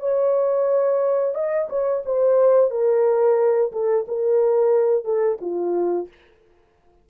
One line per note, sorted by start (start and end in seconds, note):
0.00 1.35 C#5
1.35 1.68 D#5
1.69 2.03 C#5
2.06 2.71 C5
2.71 3.72 A#4
3.72 4.06 A4
4.08 5.05 A#4
5.05 5.38 A4
5.41 6.09 F4